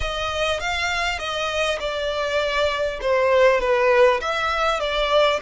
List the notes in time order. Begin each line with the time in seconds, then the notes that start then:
0.00 D#5
0.60 F5
1.18 D#5
1.79 D5
3.01 C5
3.60 B4
4.20 E5
4.80 D5